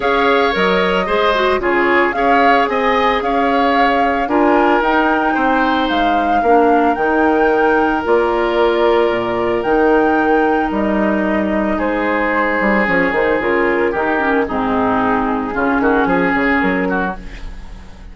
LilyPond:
<<
  \new Staff \with { instrumentName = "flute" } { \time 4/4 \tempo 4 = 112 f''4 dis''2 cis''4 | f''4 gis''4 f''2 | gis''4 g''2 f''4~ | f''4 g''2 d''4~ |
d''2 g''2 | dis''2 c''2 | cis''8 c''8 ais'2 gis'4~ | gis'2. ais'4 | }
  \new Staff \with { instrumentName = "oboe" } { \time 4/4 cis''2 c''4 gis'4 | cis''4 dis''4 cis''2 | ais'2 c''2 | ais'1~ |
ais'1~ | ais'2 gis'2~ | gis'2 g'4 dis'4~ | dis'4 f'8 fis'8 gis'4. fis'8 | }
  \new Staff \with { instrumentName = "clarinet" } { \time 4/4 gis'4 ais'4 gis'8 fis'8 f'4 | gis'1 | f'4 dis'2. | d'4 dis'2 f'4~ |
f'2 dis'2~ | dis'1 | cis'8 dis'8 f'4 dis'8 cis'8 c'4~ | c'4 cis'2. | }
  \new Staff \with { instrumentName = "bassoon" } { \time 4/4 cis'4 fis4 gis4 cis4 | cis'4 c'4 cis'2 | d'4 dis'4 c'4 gis4 | ais4 dis2 ais4~ |
ais4 ais,4 dis2 | g2 gis4. g8 | f8 dis8 cis4 dis4 gis,4~ | gis,4 cis8 dis8 f8 cis8 fis4 | }
>>